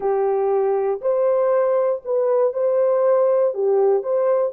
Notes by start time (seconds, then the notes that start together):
0.00 G4
1.01 C5
2.04 B4
2.53 C5
3.53 G4
4.02 C5